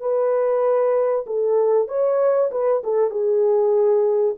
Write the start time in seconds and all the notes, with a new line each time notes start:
0.00 B4
1.26 A4
1.88 C#5
2.51 B4
2.83 A4
3.10 G#4